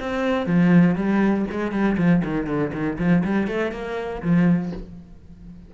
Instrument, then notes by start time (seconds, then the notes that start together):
cello
0.00 C4
0.46 F3
0.96 G3
1.51 G#3
1.72 G3
1.97 F3
2.24 D#3
2.47 D3
2.73 D#3
2.99 F3
3.24 G3
3.47 A3
3.72 A#3
4.22 F3